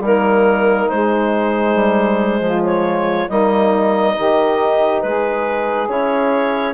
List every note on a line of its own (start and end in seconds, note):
0.00 0.87 G3
0.00 0.92 A#3
0.00 2.42 D#4
0.00 0.89 A#4
0.89 1.75 G#3
0.89 3.29 G#3
0.89 2.63 C5
1.75 2.40 G3
2.40 3.27 F3
2.40 3.29 F4
2.64 3.30 C#5
3.29 4.17 G3
3.29 4.15 A#3
3.29 4.16 D#4
3.29 5.01 D#5
4.15 5.04 D#3
4.15 5.89 D#4
4.15 5.04 G4
5.01 5.89 G#3
5.01 6.74 G#4
5.01 5.88 B4
5.89 6.74 C#4
5.89 6.74 E4
5.89 6.74 C#5